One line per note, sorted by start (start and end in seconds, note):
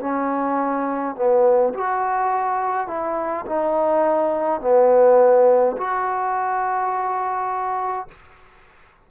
0.00 1.15 C#4
1.15 1.73 B3
1.74 2.87 F#4
2.87 3.45 E4
3.46 4.61 D#4
4.61 5.76 B3
5.77 8.08 F#4